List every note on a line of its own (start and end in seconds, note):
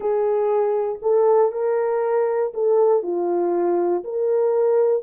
0.00 0.99 G#4
1.02 1.52 A4
1.52 2.53 A#4
2.53 3.03 A4
3.03 4.03 F4
4.04 5.03 A#4